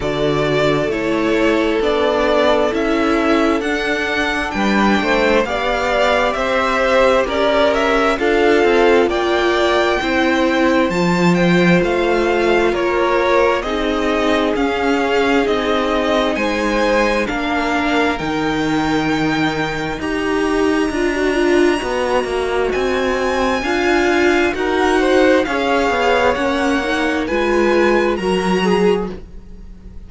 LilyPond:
<<
  \new Staff \with { instrumentName = "violin" } { \time 4/4 \tempo 4 = 66 d''4 cis''4 d''4 e''4 | fis''4 g''4 f''4 e''4 | d''8 e''8 f''4 g''2 | a''8 g''8 f''4 cis''4 dis''4 |
f''4 dis''4 gis''4 f''4 | g''2 ais''2~ | ais''4 gis''2 fis''4 | f''4 fis''4 gis''4 ais''4 | }
  \new Staff \with { instrumentName = "violin" } { \time 4/4 a'1~ | a'4 b'8 c''8 d''4 c''4 | ais'4 a'4 d''4 c''4~ | c''2 ais'4 gis'4~ |
gis'2 c''4 ais'4~ | ais'2 dis''2~ | dis''2 f''4 ais'8 c''8 | cis''2 b'4 ais'8 gis'8 | }
  \new Staff \with { instrumentName = "viola" } { \time 4/4 fis'4 e'4 d'4 e'4 | d'2 g'2~ | g'4 f'2 e'4 | f'2. dis'4 |
cis'4 dis'2 d'4 | dis'2 g'4 f'16 fis'16 f'8 | fis'2 f'4 fis'4 | gis'4 cis'8 dis'8 f'4 fis'4 | }
  \new Staff \with { instrumentName = "cello" } { \time 4/4 d4 a4 b4 cis'4 | d'4 g8 a8 b4 c'4 | cis'4 d'8 c'8 ais4 c'4 | f4 a4 ais4 c'4 |
cis'4 c'4 gis4 ais4 | dis2 dis'4 d'4 | b8 ais8 c'4 d'4 dis'4 | cis'8 b8 ais4 gis4 fis4 | }
>>